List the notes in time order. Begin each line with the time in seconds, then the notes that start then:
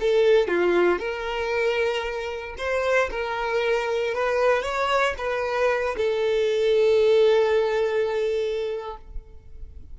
0.00 A4
0.48 F4
0.99 A#4
2.58 C5
3.11 A#4
4.14 B4
4.62 C#5
5.18 B4
5.97 A4